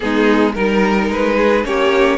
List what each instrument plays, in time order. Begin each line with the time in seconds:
0.00 cello G#3, viola B3, violin D#4 G#4
0.53 cello G3, viola D#4, violin A#4
1.09 cello G#3, violin B4
1.37 violin G#4
1.64 cello A#3, viola C#4, violin G4 C#5